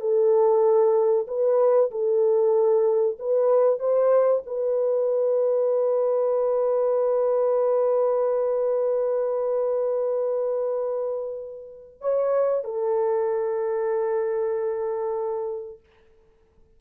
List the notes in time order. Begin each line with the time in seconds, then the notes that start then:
0.00 A4
1.27 B4
1.91 A4
3.19 B4
3.79 C5
4.46 B4
12.01 C#5
12.64 A4